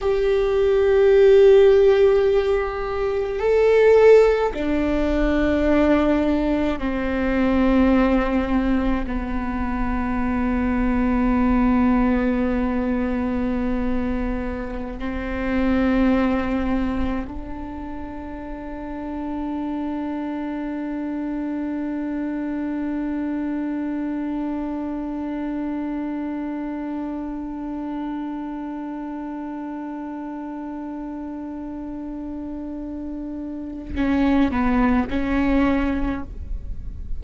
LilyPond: \new Staff \with { instrumentName = "viola" } { \time 4/4 \tempo 4 = 53 g'2. a'4 | d'2 c'2 | b1~ | b4~ b16 c'2 d'8.~ |
d'1~ | d'1~ | d'1~ | d'2 cis'8 b8 cis'4 | }